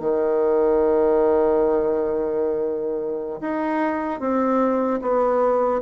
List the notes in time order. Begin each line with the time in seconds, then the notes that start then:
0.00 D#3
3.41 D#4
4.20 C4
5.02 B3